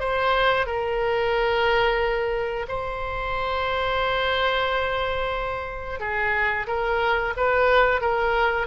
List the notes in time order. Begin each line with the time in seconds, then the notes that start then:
0.00 C5
0.66 A#4
2.68 C5
6.00 G#4
6.67 A#4
7.37 B4
8.01 A#4